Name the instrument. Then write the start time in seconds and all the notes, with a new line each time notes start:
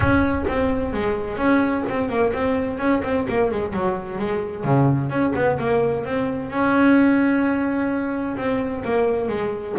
double bass
0.00 C#4
0.48 C4
0.93 G#3
1.37 C#4
1.88 C4
2.09 A#3
2.33 C4
2.78 C#4
3.03 C4
3.29 A#3
3.51 G#3
3.73 F#3
4.18 G#3
4.64 C#3
5.09 C#4
5.35 B3
5.58 A#3
6.04 C4
6.50 C#4
8.36 C4
8.84 A#3
9.28 G#3